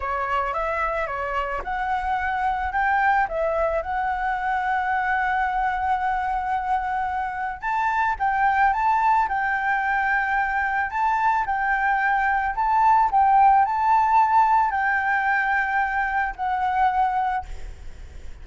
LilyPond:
\new Staff \with { instrumentName = "flute" } { \time 4/4 \tempo 4 = 110 cis''4 e''4 cis''4 fis''4~ | fis''4 g''4 e''4 fis''4~ | fis''1~ | fis''2 a''4 g''4 |
a''4 g''2. | a''4 g''2 a''4 | g''4 a''2 g''4~ | g''2 fis''2 | }